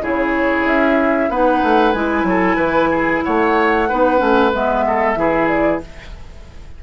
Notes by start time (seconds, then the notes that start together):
0.00 C#3 E4 G#4 C#5
0.65 C#4 E5
1.29 B3 D#4 B4 F#5
1.62 A3
1.93 G#3 E4 G#5
2.23 F#3 A4
2.56 E3 B4
2.91 G#4
3.24 A3 C#5 F#5
3.89 B3 D#4 B4
4.17 A3 C#4
4.53 G#3 B3 E5
4.87 A4
5.16 E3 E4 G#4
5.48 D5